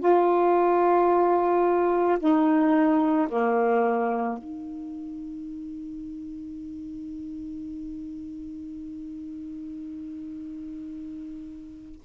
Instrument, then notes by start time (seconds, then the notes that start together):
saxophone
0.00 F4
2.19 D#4
3.28 A#3
4.38 D#4